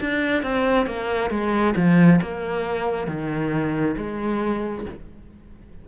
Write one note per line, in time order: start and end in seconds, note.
0.00 0.43 D4
0.43 0.86 C4
0.86 1.30 A#3
1.30 1.74 G#3
1.76 2.20 F3
2.21 3.07 A#3
3.07 3.95 D#3
3.97 4.85 G#3